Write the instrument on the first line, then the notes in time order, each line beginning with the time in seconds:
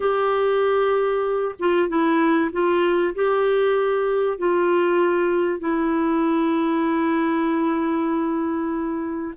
clarinet
0.00 G4
1.59 F4
1.88 E4
2.52 F4
3.14 G4
4.38 F4
5.59 E4